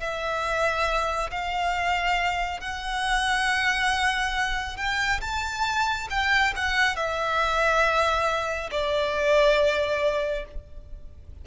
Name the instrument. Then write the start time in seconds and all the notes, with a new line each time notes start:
violin
0.00 E5
1.31 F5
2.60 F#5
4.77 G5
5.21 A5
6.10 G5
6.56 F#5
6.96 E5
8.71 D5